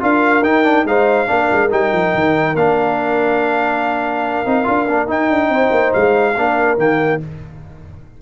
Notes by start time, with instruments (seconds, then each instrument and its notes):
0.00 tuba D4, trombone F4, horn A#4, trumpet F5
0.42 tuba D#4, trombone D#4, trumpet G5
0.64 trombone D4
0.85 tuba G#3, trombone D#4, horn C5, trumpet F5
1.27 tuba A#3, trombone D4, horn A#4
1.52 tuba G#3
1.70 tuba G3, trombone D#4, trumpet G5
1.92 tuba F3
2.14 tuba D#3
2.55 tuba A#3, trombone D4, trumpet F5
4.46 tuba C4, trombone D#4
4.64 tuba D4, trombone F4
4.88 tuba A#3, trombone D4
5.07 trombone D#4, tuba D#4, trumpet G5
5.30 tuba D4
5.49 tuba C4, horn C5
5.71 tuba A#3
5.93 tuba G#3, trumpet F5
6.35 tuba A#3, trombone D4, horn A#4
6.78 tuba D#3, trombone A#3, trumpet G5